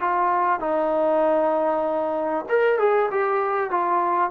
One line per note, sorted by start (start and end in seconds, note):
0.00 0.60 F4
0.60 2.45 D#4
2.49 2.79 A#4
2.79 3.10 G#4
3.11 3.70 G4
3.70 4.30 F4